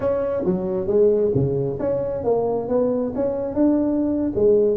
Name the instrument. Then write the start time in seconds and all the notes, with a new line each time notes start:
tuba
0.00 C#4
0.45 F#3
0.87 G#3
1.34 C#3
1.79 C#4
2.24 A#3
2.68 B3
3.15 C#4
3.54 D4
4.35 G#3